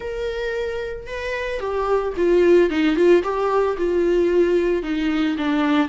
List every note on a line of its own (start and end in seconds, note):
0.00 1.06 A#4
1.06 1.59 B4
1.59 2.13 G4
2.16 2.70 F4
2.70 2.96 D#4
2.96 3.22 F4
3.23 3.76 G4
3.77 4.83 F4
4.83 5.36 D#4
5.37 5.88 D4